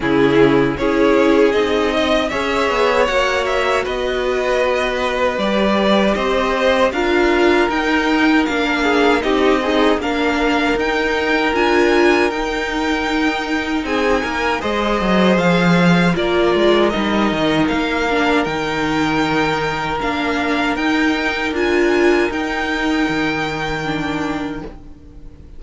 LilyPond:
<<
  \new Staff \with { instrumentName = "violin" } { \time 4/4 \tempo 4 = 78 gis'4 cis''4 dis''4 e''4 | fis''8 e''8 dis''2 d''4 | dis''4 f''4 g''4 f''4 | dis''4 f''4 g''4 gis''4 |
g''2 gis''4 dis''4 | f''4 d''4 dis''4 f''4 | g''2 f''4 g''4 | gis''4 g''2. | }
  \new Staff \with { instrumentName = "violin" } { \time 4/4 e'4 gis'4. dis''8 cis''4~ | cis''4 b'2. | c''4 ais'2~ ais'8 gis'8 | g'8 dis'8 ais'2.~ |
ais'2 gis'8 ais'8 c''4~ | c''4 ais'2.~ | ais'1~ | ais'1 | }
  \new Staff \with { instrumentName = "viola" } { \time 4/4 cis'4 e'4 dis'4 gis'4 | fis'2. g'4~ | g'4 f'4 dis'4 d'4 | dis'8 gis'8 d'4 dis'4 f'4 |
dis'2. gis'4~ | gis'4 f'4 dis'4. d'8 | dis'2 d'4 dis'4 | f'4 dis'2 d'4 | }
  \new Staff \with { instrumentName = "cello" } { \time 4/4 cis4 cis'4 c'4 cis'8 b8 | ais4 b2 g4 | c'4 d'4 dis'4 ais4 | c'4 ais4 dis'4 d'4 |
dis'2 c'8 ais8 gis8 fis8 | f4 ais8 gis8 g8 dis8 ais4 | dis2 ais4 dis'4 | d'4 dis'4 dis2 | }
>>